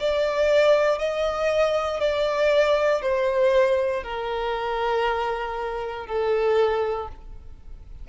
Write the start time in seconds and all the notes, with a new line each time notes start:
0.00 D5
0.98 D#5
2.00 D5
3.02 C5
4.04 A#4
6.06 A4